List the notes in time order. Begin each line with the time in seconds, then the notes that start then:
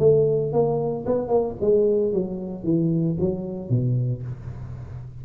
0.00 A3
0.53 A#3
1.06 B3
1.28 A#3
1.61 G#3
2.13 F#3
2.64 E3
3.21 F#3
3.70 B2